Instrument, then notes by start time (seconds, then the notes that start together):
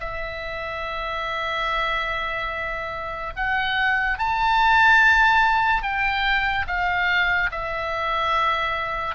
oboe
0.00 E5
3.36 F#5
4.19 A5
5.83 G5
6.67 F5
7.51 E5